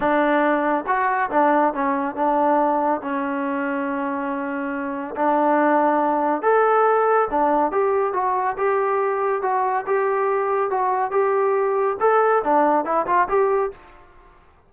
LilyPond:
\new Staff \with { instrumentName = "trombone" } { \time 4/4 \tempo 4 = 140 d'2 fis'4 d'4 | cis'4 d'2 cis'4~ | cis'1 | d'2. a'4~ |
a'4 d'4 g'4 fis'4 | g'2 fis'4 g'4~ | g'4 fis'4 g'2 | a'4 d'4 e'8 f'8 g'4 | }